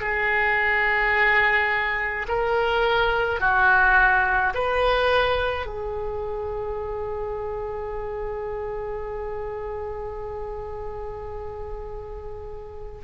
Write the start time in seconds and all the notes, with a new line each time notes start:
0.00 G#4
2.28 A#4
3.41 F#4
4.54 B4
5.66 G#4